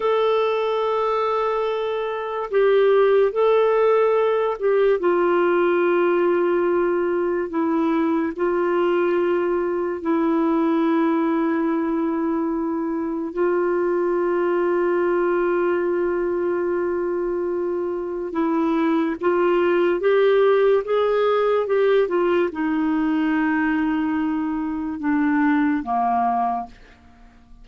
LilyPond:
\new Staff \with { instrumentName = "clarinet" } { \time 4/4 \tempo 4 = 72 a'2. g'4 | a'4. g'8 f'2~ | f'4 e'4 f'2 | e'1 |
f'1~ | f'2 e'4 f'4 | g'4 gis'4 g'8 f'8 dis'4~ | dis'2 d'4 ais4 | }